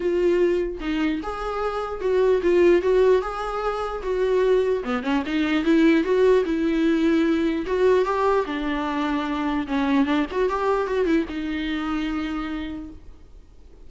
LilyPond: \new Staff \with { instrumentName = "viola" } { \time 4/4 \tempo 4 = 149 f'2 dis'4 gis'4~ | gis'4 fis'4 f'4 fis'4 | gis'2 fis'2 | b8 cis'8 dis'4 e'4 fis'4 |
e'2. fis'4 | g'4 d'2. | cis'4 d'8 fis'8 g'4 fis'8 e'8 | dis'1 | }